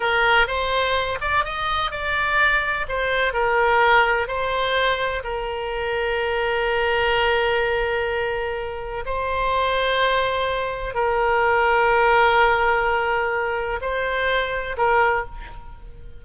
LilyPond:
\new Staff \with { instrumentName = "oboe" } { \time 4/4 \tempo 4 = 126 ais'4 c''4. d''8 dis''4 | d''2 c''4 ais'4~ | ais'4 c''2 ais'4~ | ais'1~ |
ais'2. c''4~ | c''2. ais'4~ | ais'1~ | ais'4 c''2 ais'4 | }